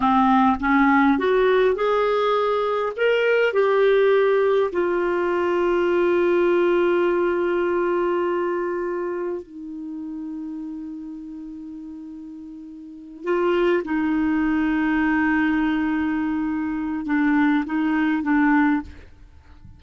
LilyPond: \new Staff \with { instrumentName = "clarinet" } { \time 4/4 \tempo 4 = 102 c'4 cis'4 fis'4 gis'4~ | gis'4 ais'4 g'2 | f'1~ | f'1 |
dis'1~ | dis'2~ dis'8 f'4 dis'8~ | dis'1~ | dis'4 d'4 dis'4 d'4 | }